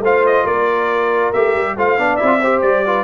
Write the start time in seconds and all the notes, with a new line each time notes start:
0.00 A3 F4 C5 F5
0.27 D#5
0.44 A#3 A#4 D5
1.33 A3 G4 E5
1.55 G3
1.77 A3 F4 C5 F5
1.98 B3 D4 D5
2.17 E4 E5
2.23 C4 F4
2.42 G4 C5
2.62 G3 D5
2.86 F4 B4